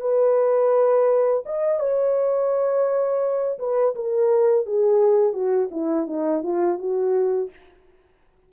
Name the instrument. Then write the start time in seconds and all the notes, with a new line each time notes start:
horn
0.00 B4
1.45 D#5
1.79 C#5
3.58 B4
3.94 A#4
4.66 G#4
5.33 F#4
5.71 E4
6.06 D#4
6.43 F4
6.78 F#4